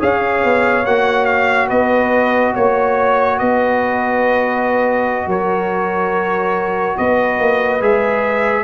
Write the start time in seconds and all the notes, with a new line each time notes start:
0.00 C#4 G#4 C#5 F5
0.44 B3
0.86 A#3 F#4 F#5
1.26 F5
1.69 B3 B4 D#5
2.54 A#3 C#5
3.39 B3 B4 D#5
5.27 F#3 A#4 C#5
6.98 B3 B4 D#5
7.40 A#3
7.81 G#3 G#4 E5